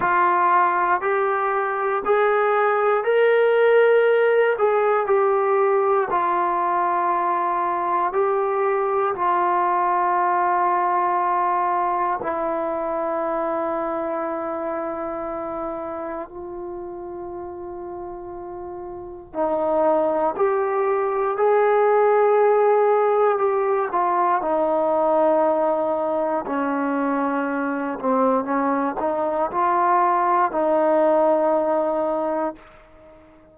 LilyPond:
\new Staff \with { instrumentName = "trombone" } { \time 4/4 \tempo 4 = 59 f'4 g'4 gis'4 ais'4~ | ais'8 gis'8 g'4 f'2 | g'4 f'2. | e'1 |
f'2. dis'4 | g'4 gis'2 g'8 f'8 | dis'2 cis'4. c'8 | cis'8 dis'8 f'4 dis'2 | }